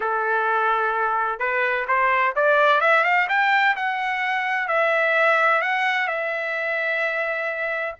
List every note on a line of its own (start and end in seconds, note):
0.00 1.39 A4
1.39 1.86 B4
1.87 2.34 C5
2.35 2.80 D5
2.80 3.04 E5
3.04 3.27 F5
3.28 3.75 G5
3.76 4.67 F#5
4.67 5.61 E5
5.61 6.07 F#5
6.07 7.95 E5